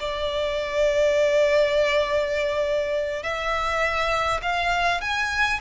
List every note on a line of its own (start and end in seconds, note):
0.00 3.23 D5
3.23 4.41 E5
4.43 5.01 F5
5.01 5.60 G#5